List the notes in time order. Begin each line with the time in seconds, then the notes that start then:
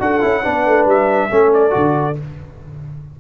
0.00 D4 F#4 A4 F#5
0.21 C#4 E4
0.43 B3 D4 B4
0.67 A3
0.86 G3 E5
1.30 A3 C#4 A4
1.54 D5
1.70 D3 F#4